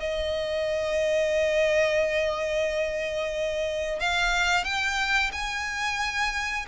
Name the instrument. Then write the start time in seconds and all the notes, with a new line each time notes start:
violin
0.00 D#5
4.00 F5
4.65 G5
5.32 G#5